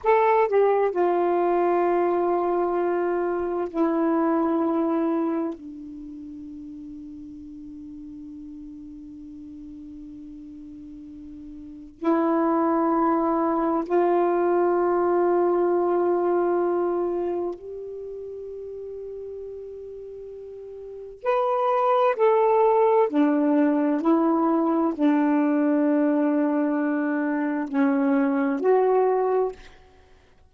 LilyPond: \new Staff \with { instrumentName = "saxophone" } { \time 4/4 \tempo 4 = 65 a'8 g'8 f'2. | e'2 d'2~ | d'1~ | d'4 e'2 f'4~ |
f'2. g'4~ | g'2. b'4 | a'4 d'4 e'4 d'4~ | d'2 cis'4 fis'4 | }